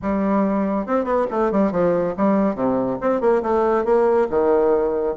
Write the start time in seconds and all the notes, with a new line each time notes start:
0.02 G3
0.86 C4
1.04 B3
1.31 A3
1.51 G3
1.71 F3
2.17 G3
2.55 C3
3.01 C4
3.20 A#3
3.42 A3
3.84 A#3
4.30 D#3